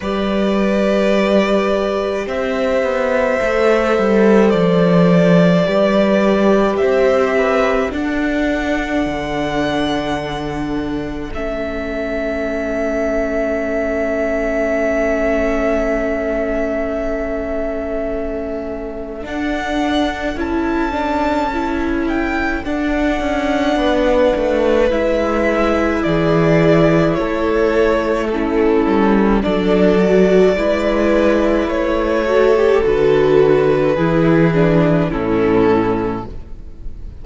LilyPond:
<<
  \new Staff \with { instrumentName = "violin" } { \time 4/4 \tempo 4 = 53 d''2 e''2 | d''2 e''4 fis''4~ | fis''2 e''2~ | e''1~ |
e''4 fis''4 a''4. g''8 | fis''2 e''4 d''4 | cis''4 a'4 d''2 | cis''4 b'2 a'4 | }
  \new Staff \with { instrumentName = "violin" } { \time 4/4 b'2 c''2~ | c''4 b'4 c''8 b'8 a'4~ | a'1~ | a'1~ |
a'1~ | a'4 b'2 gis'4 | a'4 e'4 a'4 b'4~ | b'8 a'4. gis'4 e'4 | }
  \new Staff \with { instrumentName = "viola" } { \time 4/4 g'2. a'4~ | a'4 g'2 d'4~ | d'2 cis'2~ | cis'1~ |
cis'4 d'4 e'8 d'8 e'4 | d'2 e'2~ | e'4 cis'4 d'8 fis'8 e'4~ | e'8 fis'16 g'16 fis'4 e'8 d'8 cis'4 | }
  \new Staff \with { instrumentName = "cello" } { \time 4/4 g2 c'8 b8 a8 g8 | f4 g4 c'4 d'4 | d2 a2~ | a1~ |
a4 d'4 cis'2 | d'8 cis'8 b8 a8 gis4 e4 | a4. g8 fis4 gis4 | a4 d4 e4 a,4 | }
>>